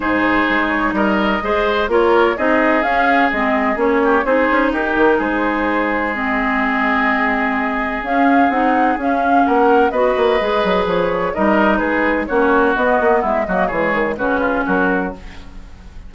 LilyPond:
<<
  \new Staff \with { instrumentName = "flute" } { \time 4/4 \tempo 4 = 127 c''4. cis''8 dis''2 | cis''4 dis''4 f''4 dis''4 | cis''4 c''4 ais'4 c''4~ | c''4 dis''2.~ |
dis''4 f''4 fis''4 f''4 | fis''4 dis''2 cis''4 | dis''4 b'4 cis''4 dis''4 | e''8 dis''8 cis''4 b'4 ais'4 | }
  \new Staff \with { instrumentName = "oboe" } { \time 4/4 gis'2 ais'4 c''4 | ais'4 gis'2.~ | gis'8 g'8 gis'4 g'4 gis'4~ | gis'1~ |
gis'1 | ais'4 b'2. | ais'4 gis'4 fis'2 | e'8 fis'8 gis'4 fis'8 f'8 fis'4 | }
  \new Staff \with { instrumentName = "clarinet" } { \time 4/4 dis'2. gis'4 | f'4 dis'4 cis'4 c'4 | cis'4 dis'2.~ | dis'4 c'2.~ |
c'4 cis'4 dis'4 cis'4~ | cis'4 fis'4 gis'2 | dis'2 cis'4 b4~ | b8 ais8 gis4 cis'2 | }
  \new Staff \with { instrumentName = "bassoon" } { \time 4/4 gis,4 gis4 g4 gis4 | ais4 c'4 cis'4 gis4 | ais4 c'8 cis'8 dis'8 dis8 gis4~ | gis1~ |
gis4 cis'4 c'4 cis'4 | ais4 b8 ais8 gis8 fis8 f4 | g4 gis4 ais4 b8 ais8 | gis8 fis8 e8 dis8 cis4 fis4 | }
>>